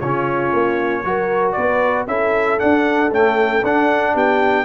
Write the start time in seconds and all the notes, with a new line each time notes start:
0.00 C#3 C#4 F4 C#5
0.53 A#3
1.04 F#3 F#4 A#4
1.52 B3 B4 D5
2.07 C#4 E4 A4 E5
2.59 D4 F#5
3.11 A3 C#4 G5
3.64 D4 F#5
4.14 B3 G4 G5